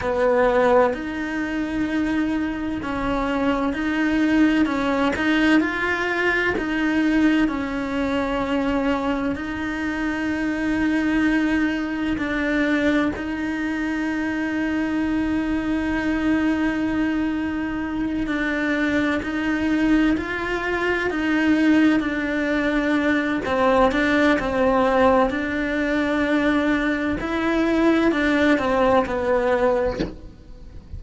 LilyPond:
\new Staff \with { instrumentName = "cello" } { \time 4/4 \tempo 4 = 64 b4 dis'2 cis'4 | dis'4 cis'8 dis'8 f'4 dis'4 | cis'2 dis'2~ | dis'4 d'4 dis'2~ |
dis'2.~ dis'8 d'8~ | d'8 dis'4 f'4 dis'4 d'8~ | d'4 c'8 d'8 c'4 d'4~ | d'4 e'4 d'8 c'8 b4 | }